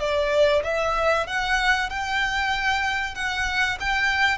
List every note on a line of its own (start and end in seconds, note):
0.00 0.63 D5
0.64 1.27 E5
1.27 1.90 F#5
1.90 3.15 G5
3.15 3.78 F#5
3.80 4.38 G5